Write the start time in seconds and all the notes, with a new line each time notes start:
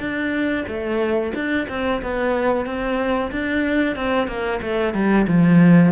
0.00 D4
0.68 A3
1.35 D4
1.69 C4
2.02 B3
2.66 C4
3.31 D4
3.96 C4
4.27 A#3
4.62 A3
4.94 G3
5.28 F3